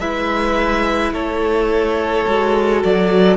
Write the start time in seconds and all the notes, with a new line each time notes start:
0.00 G#3 E4 B4 E5
1.12 A3 A4 C#5
2.28 G#3 F#4
2.84 F#3 D5